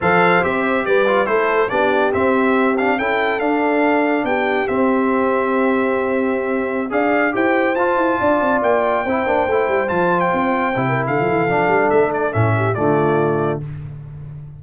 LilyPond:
<<
  \new Staff \with { instrumentName = "trumpet" } { \time 4/4 \tempo 4 = 141 f''4 e''4 d''4 c''4 | d''4 e''4. f''8 g''4 | f''2 g''4 e''4~ | e''1~ |
e''16 f''4 g''4 a''4.~ a''16~ | a''16 g''2. a''8. | g''2 f''2 | e''8 d''8 e''4 d''2 | }
  \new Staff \with { instrumentName = "horn" } { \time 4/4 c''2 b'4 a'4 | g'2. a'4~ | a'2 g'2~ | g'1~ |
g'16 d''4 c''2 d''8.~ | d''4~ d''16 c''2~ c''8.~ | c''4. ais'8 a'2~ | a'4. g'8 f'2 | }
  \new Staff \with { instrumentName = "trombone" } { \time 4/4 a'4 g'4. f'8 e'4 | d'4 c'4. d'8 e'4 | d'2. c'4~ | c'1~ |
c'16 gis'4 g'4 f'4.~ f'16~ | f'4~ f'16 e'8 d'8 e'4 f'8.~ | f'4~ f'16 e'4.~ e'16 d'4~ | d'4 cis'4 a2 | }
  \new Staff \with { instrumentName = "tuba" } { \time 4/4 f4 c'4 g4 a4 | b4 c'2 cis'4 | d'2 b4 c'4~ | c'1~ |
c'16 d'4 e'4 f'8 e'8 d'8 c'16~ | c'16 ais4 c'8 ais8 a8 g8 f8.~ | f16 c'4 c8. d16 f16 e8 f8 g8 | a4 a,4 d2 | }
>>